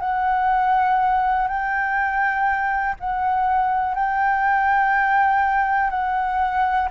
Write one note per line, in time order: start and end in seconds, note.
0.00 1.48 F#5
1.48 2.95 G5
3.00 3.95 F#5
3.95 5.90 G5
5.90 6.89 F#5